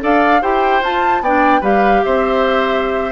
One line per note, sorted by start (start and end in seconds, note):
0.00 0.43 D4
0.00 0.40 A4
0.00 0.42 D5
0.00 0.43 F5
0.42 0.82 E4
0.42 0.82 G4
0.42 1.22 C5
0.42 0.83 G5
0.82 1.21 F4
0.82 1.24 F4
0.82 1.23 A5
1.21 1.61 B3
1.21 1.62 D4
1.21 1.61 D5
1.21 1.63 G5
1.61 2.03 G3
1.61 3.12 G4
1.61 2.01 B4
1.61 2.04 F5
2.04 3.12 C4
2.04 3.12 C5
2.04 3.12 E5